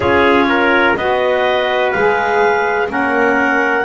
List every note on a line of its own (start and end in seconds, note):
0.00 0.92 C#4
0.00 0.96 F4
0.00 0.47 G#4
0.00 0.95 C#5
0.49 0.97 A#4
0.96 1.93 B3
0.96 1.95 F#4
0.96 2.91 B4
0.96 1.91 D#5
1.91 2.89 G#3
1.91 2.87 G#4
1.91 2.88 F5
2.87 3.84 A#3
2.87 3.84 C#4
2.87 3.84 A#4
2.87 3.84 F#5